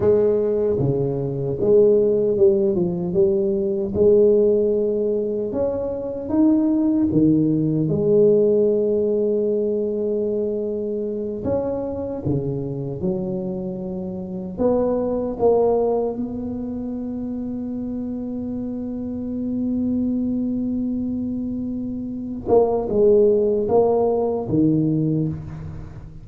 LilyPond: \new Staff \with { instrumentName = "tuba" } { \time 4/4 \tempo 4 = 76 gis4 cis4 gis4 g8 f8 | g4 gis2 cis'4 | dis'4 dis4 gis2~ | gis2~ gis8 cis'4 cis8~ |
cis8 fis2 b4 ais8~ | ais8 b2.~ b8~ | b1~ | b8 ais8 gis4 ais4 dis4 | }